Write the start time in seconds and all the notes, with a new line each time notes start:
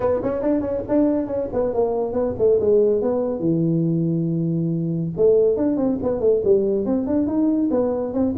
0.00 B3
0.22 C#4
0.42 D4
0.60 C#4
0.88 D4
1.26 C#4
1.52 B3
1.73 A#3
2.13 B3
2.38 A3
2.60 G#3
3.01 B3
3.39 E3
5.16 A3
5.56 D4
5.76 C4
6.02 B3
6.20 A3
6.44 G3
6.85 C4
7.06 D4
7.26 D#4
7.70 B3
8.13 C4